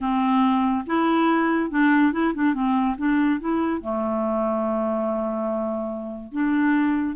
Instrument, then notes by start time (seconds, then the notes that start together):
clarinet
0.00 C4
0.86 E4
1.70 D4
2.12 E4
2.34 D4
2.54 C4
2.97 D4
3.39 E4
3.81 A3
6.32 D4